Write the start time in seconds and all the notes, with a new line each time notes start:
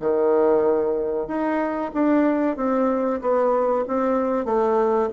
0.00 D#3
1.27 D#4
1.94 D4
2.56 C4
3.21 B3
3.88 C4
4.45 A3